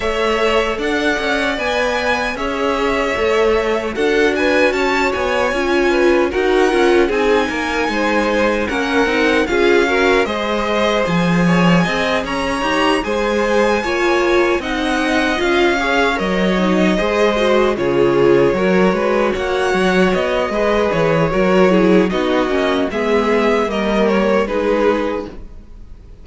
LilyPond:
<<
  \new Staff \with { instrumentName = "violin" } { \time 4/4 \tempo 4 = 76 e''4 fis''4 gis''4 e''4~ | e''4 fis''8 gis''8 a''8 gis''4. | fis''4 gis''2 fis''4 | f''4 dis''4 gis''4. ais''8~ |
ais''8 gis''2 fis''4 f''8~ | f''8 dis''2 cis''4.~ | cis''8 fis''4 dis''4 cis''4. | dis''4 e''4 dis''8 cis''8 b'4 | }
  \new Staff \with { instrumentName = "violin" } { \time 4/4 cis''4 d''2 cis''4~ | cis''4 a'8 b'8 cis''4. b'8 | ais'4 gis'8 ais'8 c''4 ais'4 | gis'8 ais'8 c''4. cis''8 dis''8 cis''8~ |
cis''8 c''4 cis''4 dis''4. | cis''4. c''4 gis'4 ais'8 | b'8 cis''4. b'4 ais'8 gis'8 | fis'4 gis'4 ais'4 gis'4 | }
  \new Staff \with { instrumentName = "viola" } { \time 4/4 a'2 b'4 gis'4 | a'4 fis'2 f'4 | fis'8 f'8 dis'2 cis'8 dis'8 | f'8 fis'8 gis'2. |
g'8 gis'4 f'4 dis'4 f'8 | gis'8 ais'8 dis'8 gis'8 fis'8 f'4 fis'8~ | fis'2 gis'4 fis'8 e'8 | dis'8 cis'8 b4 ais4 dis'4 | }
  \new Staff \with { instrumentName = "cello" } { \time 4/4 a4 d'8 cis'8 b4 cis'4 | a4 d'4 cis'8 b8 cis'4 | dis'8 cis'8 c'8 ais8 gis4 ais8 c'8 | cis'4 gis4 f4 c'8 cis'8 |
dis'8 gis4 ais4 c'4 cis'8~ | cis'8 fis4 gis4 cis4 fis8 | gis8 ais8 fis8 b8 gis8 e8 fis4 | b8 ais8 gis4 g4 gis4 | }
>>